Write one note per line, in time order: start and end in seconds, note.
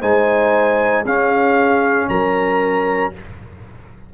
0.00 1.05 G#3
0.00 1.05 D#4
0.00 1.03 C5
0.00 1.05 G#5
1.04 2.08 C#4
1.04 3.13 C#4
1.04 2.08 G#4
1.04 2.09 F5
2.09 3.12 F#3
2.09 3.13 A#4
2.09 3.12 A#5